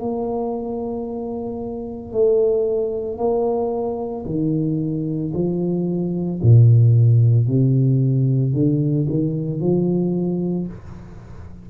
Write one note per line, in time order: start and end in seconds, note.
0.00 2.12 A#3
2.12 3.18 A3
3.18 4.25 A#3
4.26 5.33 D#3
5.33 6.40 F3
6.42 7.48 A#2
7.48 8.53 C3
8.53 9.07 D3
9.09 9.60 D#3
9.60 10.68 F3